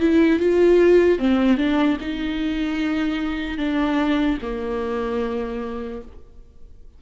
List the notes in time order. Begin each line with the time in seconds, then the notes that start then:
0.00 E4
0.40 F4
1.19 C4
1.57 D4
2.01 D#4
3.58 D4
4.42 A#3